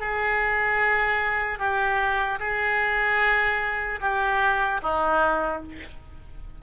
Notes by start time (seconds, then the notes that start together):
0.00 G#4
1.59 G4
2.40 G#4
4.01 G4
4.82 D#4